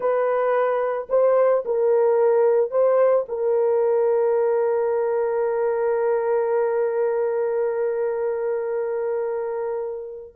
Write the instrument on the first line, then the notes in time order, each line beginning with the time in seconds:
horn
0.00 B4
1.09 C5
1.65 A#4
2.70 C5
3.28 A#4